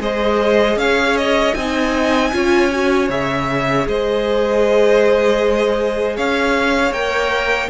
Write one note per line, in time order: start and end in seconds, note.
0.00 0.77 G#3
0.00 1.55 G#4
0.00 0.79 C5
0.00 0.79 D#5
0.77 1.54 C#4
0.77 1.57 C#5
0.77 1.17 F5
1.17 1.55 D#5
1.55 2.33 C4
1.55 2.33 D#4
1.55 2.34 D#5
1.55 3.09 G#5
2.33 3.10 C#4
2.33 2.71 F4
2.33 3.89 C#5
2.72 3.10 F#4
3.10 3.87 C#3
3.10 6.94 G#4
3.10 3.88 E5
3.87 6.18 G#3
3.87 6.17 C5
3.87 6.17 D#5
6.17 6.92 C#4
6.17 7.70 C#5
6.17 6.93 F5
6.92 7.69 A#3
6.92 7.70 A#4
6.92 7.70 G5